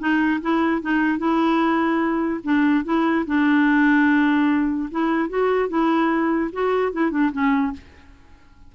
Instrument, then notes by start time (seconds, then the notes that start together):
clarinet
0.00 D#4
0.42 E4
0.82 D#4
1.19 E4
2.44 D4
2.85 E4
3.27 D4
4.91 E4
5.29 F#4
5.69 E4
6.53 F#4
6.93 E4
7.11 D4
7.32 C#4